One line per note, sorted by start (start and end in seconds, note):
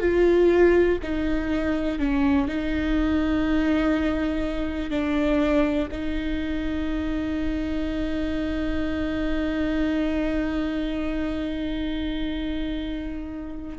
0.00 0.98 F4
1.03 1.99 D#4
1.99 2.48 C#4
2.48 4.90 D#4
4.90 5.89 D4
5.92 13.78 D#4